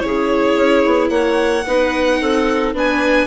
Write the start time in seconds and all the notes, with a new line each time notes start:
0.00 C#3 E4 C#5
0.06 G#4
0.56 C#4
0.86 B3
1.10 A#3 C#5 F#5
1.66 B3 D#4 B4
2.21 C4 A4
2.75 B3 D4 B4 G#5